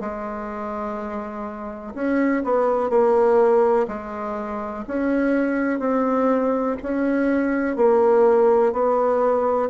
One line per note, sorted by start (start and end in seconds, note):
0.00 1.94 G#3
1.94 2.43 C#4
2.44 2.89 B3
2.89 3.86 A#3
3.88 4.84 G#3
4.87 5.79 C#4
5.79 6.76 C4
6.82 7.76 C#4
7.76 8.72 A#3
8.72 9.69 B3